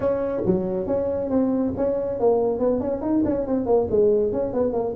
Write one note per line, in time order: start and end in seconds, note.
0.00 0.42 C#4
0.45 0.86 F#3
0.86 1.29 C#4
1.30 1.73 C4
1.76 2.19 C#4
2.19 2.59 A#3
2.59 2.80 B3
2.80 3.01 C#4
3.01 3.23 D#4
3.25 3.46 C#4
3.46 3.66 C4
3.66 3.87 A#3
3.90 4.32 G#3
4.32 4.53 C#4
4.53 4.72 B3
4.72 4.94 A#3